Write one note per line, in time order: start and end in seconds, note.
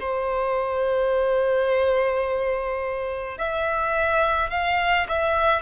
0.00 3.38 C5
3.38 4.50 E5
4.50 5.07 F5
5.08 5.62 E5